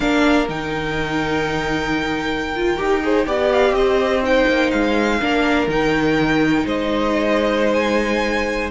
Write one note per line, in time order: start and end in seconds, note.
0.00 0.48 A#3
0.00 0.46 D4
0.00 3.03 A#4
0.00 0.47 F5
0.48 2.78 D#3
0.48 2.55 D#4
0.48 3.51 G5
2.55 2.77 F4
2.77 3.26 D#4
2.77 3.01 G4
3.01 3.26 G#4
3.01 3.27 C5
3.26 3.71 B3
3.26 4.22 G4
3.26 3.76 D5
3.51 3.74 F5
3.71 4.44 C4
3.71 4.23 D#5
3.77 5.20 C5
4.22 5.19 D#4
4.22 4.70 G5
4.47 4.72 A#3
4.70 5.21 G#3
4.70 5.67 F5
5.20 5.67 A#3
5.20 5.68 D4
5.20 6.65 A#4
5.67 6.64 D#3
5.67 8.70 D#4
5.67 6.66 G5
6.65 8.70 G#3
6.65 8.70 C5
6.65 7.73 D#5
7.73 8.70 G#5